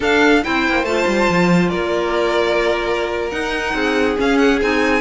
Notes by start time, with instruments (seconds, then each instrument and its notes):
0.00 clarinet D4, cello D4, violin A4 F5
0.42 cello C4, clarinet E4, violin C5 G5
0.68 cello A#3
0.83 cello A3, clarinet F4, violin A5
1.06 cello G3
1.29 cello F3
1.68 cello A#3, violin A#4 D5
3.31 clarinet D#4, cello D#4, violin F#5
3.74 cello C4, violin G#4
4.17 clarinet C#4, cello C#4, violin F5
4.37 violin F#5
4.61 cello C4, clarinet D#4, violin G#5